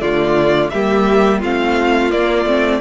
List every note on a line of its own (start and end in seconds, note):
0.00 0.71 D3
0.00 0.70 A3
0.00 0.71 F4
0.00 0.69 D5
0.69 1.42 G3
0.69 1.43 A#3
0.69 1.40 G4
0.69 1.39 E5
1.40 2.12 A3
1.40 2.10 C4
1.40 2.79 F4
1.40 2.11 F5
2.10 2.45 A#3
2.10 2.80 D5
2.45 2.80 A3
2.45 2.80 C4